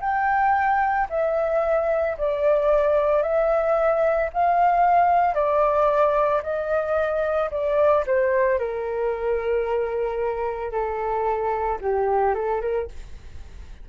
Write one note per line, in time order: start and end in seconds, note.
0.00 1.07 G5
1.10 2.17 E5
2.18 3.22 D5
3.22 4.30 E5
4.33 5.34 F5
5.34 6.41 D5
6.42 7.50 D#5
7.50 8.04 D5
8.06 8.59 C5
8.59 10.71 A#4
10.71 11.79 A4
11.81 12.34 G4
12.34 12.61 A4
12.61 12.88 A#4